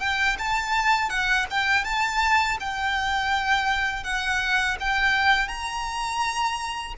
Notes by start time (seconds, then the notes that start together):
0.00 G5
0.38 A5
1.09 F#5
1.50 G5
1.84 A5
2.60 G5
4.03 F#5
4.80 G5
5.47 A#5